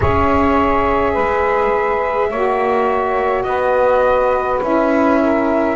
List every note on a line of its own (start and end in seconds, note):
0.00 1.16 C#4
0.00 2.31 G#4
0.00 1.13 C#5
0.00 3.42 E5
1.13 2.31 G#3
1.13 2.28 B4
2.29 3.44 A#3
2.29 4.62 F#4
2.29 3.44 C#5
3.42 4.60 B3
3.42 5.20 B4
3.42 4.58 D#5
4.62 5.75 C#4
4.62 5.75 E4
4.62 5.75 E5
5.20 5.75 A#4